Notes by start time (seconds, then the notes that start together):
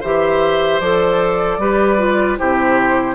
0.00 E3 G4 C5 E5
0.80 F3 A4 D5
1.58 G3 G4 B4
1.98 F4
2.37 C3 E4 G4 C5